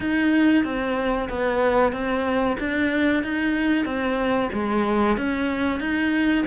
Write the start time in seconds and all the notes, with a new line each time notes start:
0.00 D#4
0.64 C4
1.29 B3
1.92 C4
2.59 D4
3.23 D#4
3.85 C4
4.52 G#3
5.17 C#4
5.79 D#4